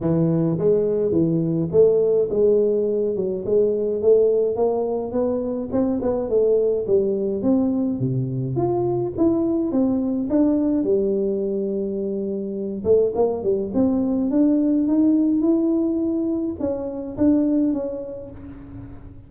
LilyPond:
\new Staff \with { instrumentName = "tuba" } { \time 4/4 \tempo 4 = 105 e4 gis4 e4 a4 | gis4. fis8 gis4 a4 | ais4 b4 c'8 b8 a4 | g4 c'4 c4 f'4 |
e'4 c'4 d'4 g4~ | g2~ g8 a8 ais8 g8 | c'4 d'4 dis'4 e'4~ | e'4 cis'4 d'4 cis'4 | }